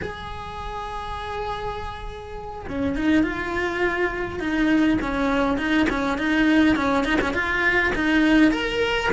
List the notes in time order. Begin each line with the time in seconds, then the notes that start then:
0.01 G#4
2.68 C#4
2.96 D#4
3.23 F4
4.39 D#4
5.01 C#4
5.57 D#4
5.89 C#4
6.18 D#4
6.76 C#4
7.04 D#4
7.21 C#4
7.33 F4
7.95 D#4
8.51 A#4